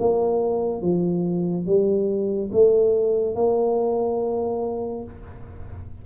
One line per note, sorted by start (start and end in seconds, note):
0.00 0.82 A#3
0.82 1.66 F3
1.66 2.51 G3
2.52 3.35 A3
3.35 5.04 A#3